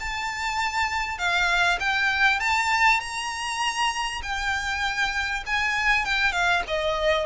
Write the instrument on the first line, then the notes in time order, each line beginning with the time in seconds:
violin
0.00 A5
1.18 F5
1.80 G5
2.40 A5
3.01 A#5
4.23 G5
5.46 G#5
6.05 G5
6.33 F5
6.67 D#5